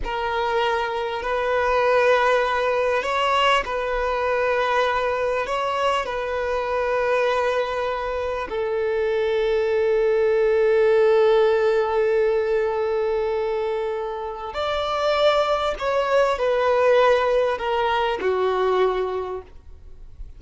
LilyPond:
\new Staff \with { instrumentName = "violin" } { \time 4/4 \tempo 4 = 99 ais'2 b'2~ | b'4 cis''4 b'2~ | b'4 cis''4 b'2~ | b'2 a'2~ |
a'1~ | a'1 | d''2 cis''4 b'4~ | b'4 ais'4 fis'2 | }